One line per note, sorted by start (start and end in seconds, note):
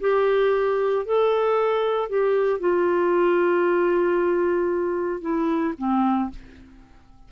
0.00 1.05 G4
1.05 2.09 A4
2.09 2.60 G4
2.60 5.21 F4
5.21 5.74 E4
5.78 6.30 C4